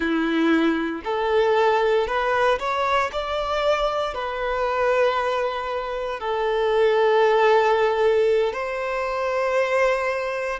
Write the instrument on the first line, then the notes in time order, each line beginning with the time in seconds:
violin
0.00 E4
1.04 A4
2.07 B4
2.59 C#5
3.12 D5
4.14 B4
6.20 A4
8.53 C5